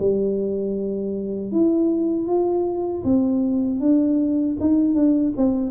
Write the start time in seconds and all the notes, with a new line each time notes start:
0.00 G3
1.52 E4
2.27 F4
3.05 C4
3.81 D4
4.60 D#4
4.95 D4
5.37 C4